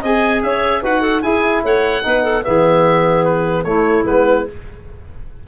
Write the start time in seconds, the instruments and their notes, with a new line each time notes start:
0.00 tuba C4, trombone G#4, clarinet D#5, oboe G#5
0.42 tuba C#4, clarinet C#5, oboe E5
0.81 tuba D#4, trombone F#4, clarinet B4, oboe F#5
1.01 clarinet A4
1.22 trombone E4, tuba E4, clarinet G#4, oboe G#5
1.63 tuba A3, clarinet C#5, oboe F#5
2.02 tuba B3, trombone D#4, clarinet B4
2.23 clarinet A4
2.43 tuba E3, trombone B3, clarinet G#4, oboe E5
3.24 oboe B4
3.63 tuba A3, trombone A3, clarinet E4, oboe C#5
4.04 tuba G#3, trombone B3, oboe B4